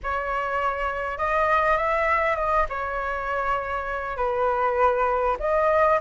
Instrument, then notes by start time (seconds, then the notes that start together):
flute
0.03 C#5
1.18 D#5
1.77 E5
2.36 D#5
2.69 C#5
4.16 B4
5.39 D#5